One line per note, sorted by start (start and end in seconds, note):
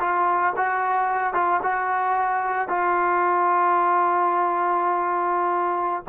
0.00 0.54 F4
0.57 1.34 F#4
1.34 1.61 F4
1.63 2.69 F#4
2.69 6.04 F4